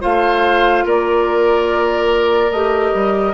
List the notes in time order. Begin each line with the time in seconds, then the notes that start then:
0.00 A3 F4 C5 F5
0.85 A#3 A#4 D5
2.51 A3 G4 D#5
2.94 G3